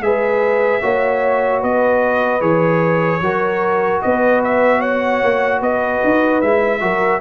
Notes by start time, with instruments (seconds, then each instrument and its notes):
0.00 tuba G#3, trombone G#4, horn B4, trumpet E5
0.81 tuba A#3, trombone F#4, horn C#5
1.61 tuba B3, horn B4, trumpet D#5
2.40 tuba E3, trombone G#4, trumpet C#5
3.20 tuba F#3, trombone F#4, horn A#4
4.01 tuba B3, horn B4, trumpet D#5
4.44 trumpet E5
4.78 horn C#5, trumpet F#5
5.22 tuba A#3
5.61 tuba B3, horn B4, trumpet D#5
6.04 tuba D#4
6.41 tuba G#3, trombone E4, trumpet E5
6.80 tuba F#3, trombone F#4, horn A#4